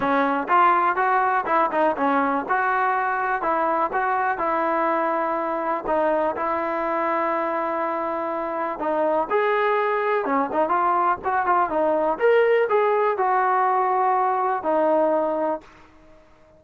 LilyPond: \new Staff \with { instrumentName = "trombone" } { \time 4/4 \tempo 4 = 123 cis'4 f'4 fis'4 e'8 dis'8 | cis'4 fis'2 e'4 | fis'4 e'2. | dis'4 e'2.~ |
e'2 dis'4 gis'4~ | gis'4 cis'8 dis'8 f'4 fis'8 f'8 | dis'4 ais'4 gis'4 fis'4~ | fis'2 dis'2 | }